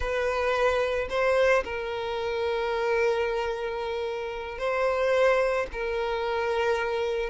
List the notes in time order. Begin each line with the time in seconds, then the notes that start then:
0.00 B4
1.09 C5
1.64 A#4
4.58 C5
5.72 A#4